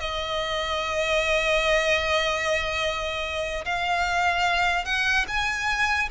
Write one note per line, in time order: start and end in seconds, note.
0.00 3.65 D#5
3.65 4.85 F5
4.85 5.26 F#5
5.28 6.09 G#5